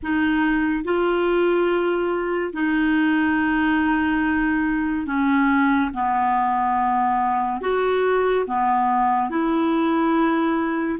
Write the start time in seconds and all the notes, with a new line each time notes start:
0.02 D#4
0.84 F4
2.53 D#4
5.06 C#4
5.94 B3
7.61 F#4
8.46 B3
9.30 E4